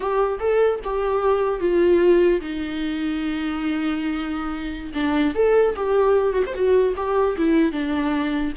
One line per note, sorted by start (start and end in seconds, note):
0.00 0.38 G4
0.39 0.80 A4
0.84 1.60 G4
1.60 2.40 F4
2.40 4.92 D#4
4.93 5.34 D4
5.35 5.75 A4
5.75 6.33 G4
6.33 6.43 F#4
6.46 6.53 C5
6.53 6.94 F#4
6.96 7.36 G4
7.37 7.72 E4
7.72 8.52 D4